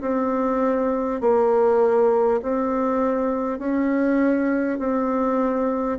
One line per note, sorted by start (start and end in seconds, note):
0.00 1.20 C4
1.21 2.41 A#3
2.42 3.58 C4
3.58 4.78 C#4
4.78 5.98 C4